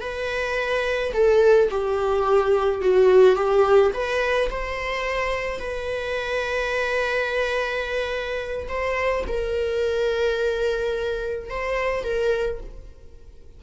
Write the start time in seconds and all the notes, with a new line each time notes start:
0.00 B4
1.13 A4
1.70 G4
2.81 F#4
3.35 G4
3.94 B4
4.50 C5
5.59 B4
8.68 C5
9.27 A#4
11.50 C5
12.04 A#4